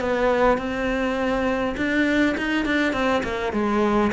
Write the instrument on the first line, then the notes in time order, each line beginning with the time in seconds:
cello
0.00 B3
0.58 C4
1.77 D4
2.37 D#4
2.65 D4
2.93 C4
3.23 A#3
3.53 G#3